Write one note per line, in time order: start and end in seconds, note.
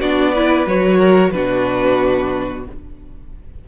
0.00 0.66 B3
0.00 0.36 D4
0.00 0.33 F#4
0.00 0.67 D5
0.34 0.67 E4
0.34 0.98 B4
0.66 1.33 F#3
0.66 1.33 F#4
0.66 1.31 C#5
0.98 1.31 A#4
1.31 2.67 B2
1.31 2.67 D4
1.31 2.69 F#4
1.31 2.64 B4